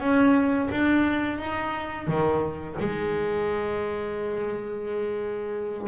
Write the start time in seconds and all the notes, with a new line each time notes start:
0.00 C#4
0.71 D4
1.39 D#4
2.07 D#3
2.80 G#3